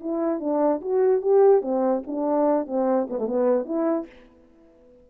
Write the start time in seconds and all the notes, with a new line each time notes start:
0.00 E4
0.40 D4
0.81 F#4
1.21 G4
1.61 C4
2.07 D4
2.66 C4
3.09 B3
3.18 A3
3.26 B3
3.65 E4